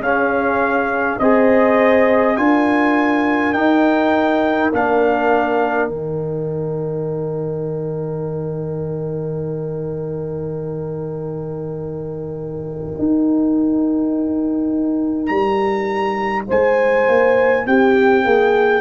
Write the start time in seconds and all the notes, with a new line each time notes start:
0.00 C#4 G#4 F5
1.20 C4 G#4 C5 D#5
2.37 D4 F4 A#4 G#5
3.53 D#4 G5
4.73 A#3 D4 F5
5.89 D#3 D#4 G5
12.99 D#4
15.27 G3 A#5
16.48 G#3 C5 G#5
17.09 A#3
17.66 C4 G4 G5
18.25 A#3 G#4